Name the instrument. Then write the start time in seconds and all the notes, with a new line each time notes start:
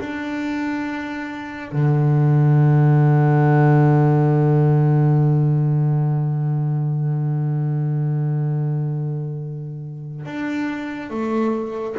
double bass
0.00 D4
1.72 D3
10.25 D4
11.10 A3